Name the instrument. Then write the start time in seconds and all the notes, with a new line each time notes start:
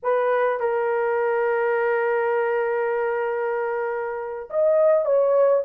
horn
0.02 B4
0.60 A#4
4.49 D#5
5.05 C#5